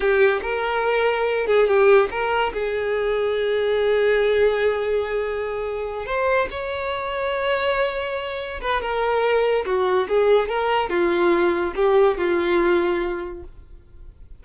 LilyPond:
\new Staff \with { instrumentName = "violin" } { \time 4/4 \tempo 4 = 143 g'4 ais'2~ ais'8 gis'8 | g'4 ais'4 gis'2~ | gis'1~ | gis'2~ gis'8 c''4 cis''8~ |
cis''1~ | cis''8 b'8 ais'2 fis'4 | gis'4 ais'4 f'2 | g'4 f'2. | }